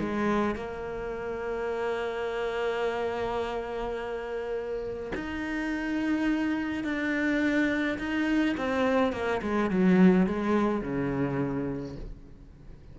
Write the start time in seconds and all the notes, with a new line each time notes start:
0.00 G#3
0.56 A#3
5.15 D#4
6.84 D4
7.99 D#4
8.58 C4
9.13 A#3
9.42 G#3
9.71 F#3
10.27 G#3
10.82 C#3